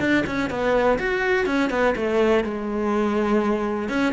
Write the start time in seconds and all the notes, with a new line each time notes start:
0.00 D4
0.26 C#4
0.50 B3
0.99 F#4
1.46 C#4
1.70 B3
1.96 A3
2.44 G#3
3.89 C#4